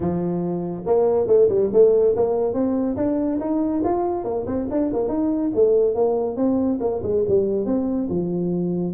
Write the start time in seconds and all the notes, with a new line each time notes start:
0.00 F3
0.86 A#3
1.27 A3
1.49 G3
1.72 A3
2.16 A#3
2.53 C4
2.96 D4
3.39 D#4
3.84 F4
4.24 A#3
4.46 C4
4.70 D4
4.93 A#3
5.08 D#4
5.54 A3
5.94 A#3
6.36 C4
6.80 A#3
7.02 G#3
7.27 G3
7.65 C4
8.09 F3